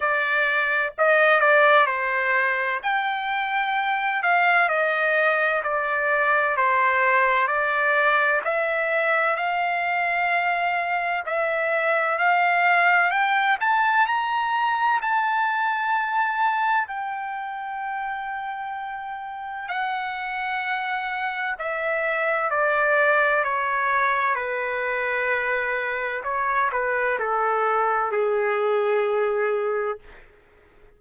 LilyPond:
\new Staff \with { instrumentName = "trumpet" } { \time 4/4 \tempo 4 = 64 d''4 dis''8 d''8 c''4 g''4~ | g''8 f''8 dis''4 d''4 c''4 | d''4 e''4 f''2 | e''4 f''4 g''8 a''8 ais''4 |
a''2 g''2~ | g''4 fis''2 e''4 | d''4 cis''4 b'2 | cis''8 b'8 a'4 gis'2 | }